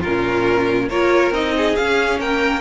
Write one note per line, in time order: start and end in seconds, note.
0.00 0.91 C#4
0.00 0.86 F4
0.00 0.89 A#4
0.06 0.90 A#2
0.89 1.31 A#3
0.89 1.33 F4
0.89 1.54 A#4
0.89 1.32 C#5
1.31 1.74 C4
1.31 1.76 D#4
1.31 1.76 D#5
1.57 2.20 G#4
1.76 2.61 C#4
1.76 2.19 C#4
1.76 2.19 F5
2.19 2.61 A#3
2.19 2.61 A#4
2.19 2.61 G5